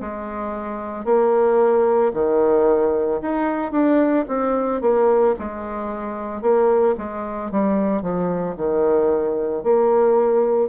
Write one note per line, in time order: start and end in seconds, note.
0.00 1.05 G#3
1.05 2.12 A#3
2.13 3.20 D#3
3.21 3.72 D#4
3.72 4.25 D4
4.28 4.81 C4
4.81 5.34 A#3
5.39 6.41 G#3
6.41 6.95 A#3
6.98 7.51 G#3
7.51 8.02 G3
8.02 8.55 F3
8.57 9.63 D#3
9.63 10.69 A#3